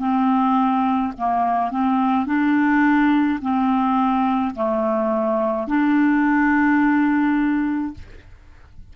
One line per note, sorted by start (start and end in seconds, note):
0.00 1.13 C4
1.18 1.72 A#3
1.72 2.26 C4
2.26 3.40 D4
3.42 4.55 C4
4.55 5.68 A3
5.68 7.95 D4